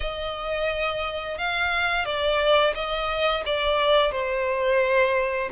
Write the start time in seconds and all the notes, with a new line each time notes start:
0.00 D#5
1.38 F5
2.05 D5
2.74 D#5
3.45 D5
4.11 C5